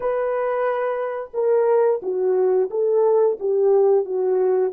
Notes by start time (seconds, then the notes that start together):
0.00 B4
1.33 A#4
2.02 F#4
2.70 A4
3.39 G4
4.05 F#4